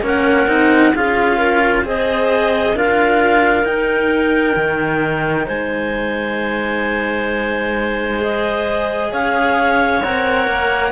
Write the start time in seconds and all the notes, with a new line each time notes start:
0.00 A#3 C#4 A#4
0.06 F#5
0.46 C4 D#4
0.95 C#4 F4 G#4 F5
1.37 A#4
1.84 C4 G#4 C5 D#5
2.75 D4 F4 A#4 F5
3.64 D#4 G5
4.56 D#3
5.45 G#3 C5 G#5
8.19 G#4 D#5
9.11 C#4 C#5 F5
10.03 C4 A#4 F#5
10.47 A#3